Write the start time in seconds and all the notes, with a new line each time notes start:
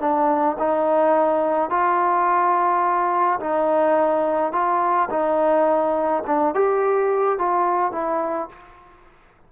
0.00 D4
0.59 D#4
1.70 F4
3.40 D#4
4.52 F4
5.10 D#4
6.27 D4
6.55 G4
7.38 F4
7.92 E4